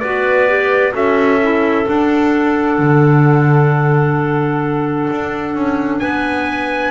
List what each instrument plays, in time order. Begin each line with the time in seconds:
0.00 double bass B3, clarinet F#4 B4, trumpet D5
0.48 clarinet G4
0.92 double bass C#4, clarinet F#4 A4, trumpet E5
1.43 clarinet E4
1.85 clarinet D4, double bass D4, trumpet F#5
2.78 double bass D3
5.10 double bass D4
5.54 double bass C#4
5.99 double bass B3, clarinet B4, trumpet G#5